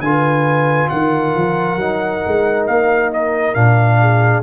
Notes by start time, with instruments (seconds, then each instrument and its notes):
0.00 tuba D3, trombone F4, horn B4, trumpet G#5
0.89 tuba D#3, horn A#4, trumpet F#5
1.35 tuba F3
1.76 tuba F#3, trombone D#4
2.27 tuba G#3
2.67 tuba A#3, trumpet F5
3.13 trumpet D#5
3.54 tuba A#2, trombone D4, trumpet F5
4.00 horn G#4